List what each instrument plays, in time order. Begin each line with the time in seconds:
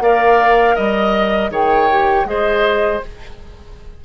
0.00 bassoon A#3, clarinet A#4, oboe D5, flute F5
0.75 bassoon G3, oboe D#5, flute D#5
1.49 bassoon D#3, clarinet G#4, oboe C#5, flute G5
1.90 clarinet G4
2.24 bassoon G#3, clarinet G#4, oboe C5, flute D#5